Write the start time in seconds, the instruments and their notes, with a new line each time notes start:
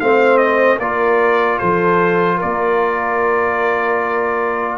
0.00 tuba A3, trombone C4, horn C5, trumpet F5
0.38 trumpet D#5
0.78 tuba A#3, trombone F4, horn A#4, trumpet D5
1.58 tuba F3, horn A4, trumpet C5
2.37 horn A#4, trumpet D5
2.43 tuba A#3